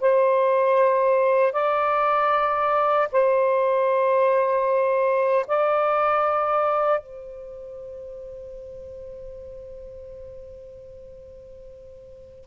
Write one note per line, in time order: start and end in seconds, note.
0.00 1.52 C5
1.52 3.08 D5
3.12 5.45 C5
5.47 7.00 D5
7.00 12.45 C5